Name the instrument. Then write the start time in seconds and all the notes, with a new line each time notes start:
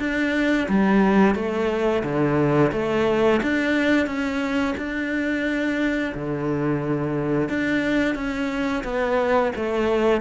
cello
0.00 D4
0.69 G3
1.35 A3
2.04 D3
2.73 A3
3.43 D4
4.07 C#4
4.78 D4
6.15 D3
7.49 D4
8.16 C#4
8.85 B3
9.56 A3